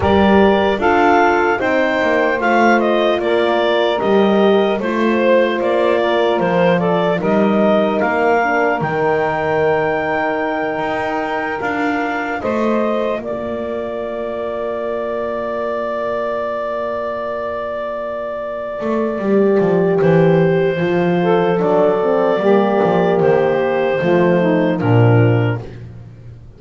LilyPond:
<<
  \new Staff \with { instrumentName = "clarinet" } { \time 4/4 \tempo 4 = 75 d''4 f''4 g''4 f''8 dis''8 | d''4 dis''4 c''4 d''4 | c''8 d''8 dis''4 f''4 g''4~ | g''2~ g''8 f''4 dis''8~ |
dis''8 d''2.~ d''8~ | d''1~ | d''4 c''2 d''4~ | d''4 c''2 ais'4 | }
  \new Staff \with { instrumentName = "saxophone" } { \time 4/4 ais'4 a'4 c''2 | ais'2 c''4. ais'8~ | ais'8 a'8 ais'2.~ | ais'2.~ ais'8 c''8~ |
c''8 ais'2.~ ais'8~ | ais'1~ | ais'2~ ais'8 a'4. | g'2 f'8 dis'8 d'4 | }
  \new Staff \with { instrumentName = "horn" } { \time 4/4 g'4 f'4 dis'4 f'4~ | f'4 g'4 f'2~ | f'4 dis'4. d'8 dis'4~ | dis'2~ dis'8 f'4.~ |
f'1~ | f'1 | g'2 f'4 d'8 c'8 | ais2 a4 f4 | }
  \new Staff \with { instrumentName = "double bass" } { \time 4/4 g4 d'4 c'8 ais8 a4 | ais4 g4 a4 ais4 | f4 g4 ais4 dis4~ | dis4. dis'4 d'4 a8~ |
a8 ais2.~ ais8~ | ais2.~ ais8 a8 | g8 f8 e4 f4 fis4 | g8 f8 dis4 f4 ais,4 | }
>>